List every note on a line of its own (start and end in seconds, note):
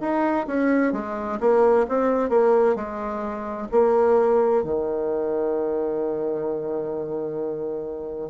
0.00 0.46 D#4
0.47 0.92 C#4
0.92 1.38 G#3
1.40 1.86 A#3
1.88 2.29 C4
2.29 2.75 A#3
2.75 3.68 G#3
3.71 4.63 A#3
4.63 8.30 D#3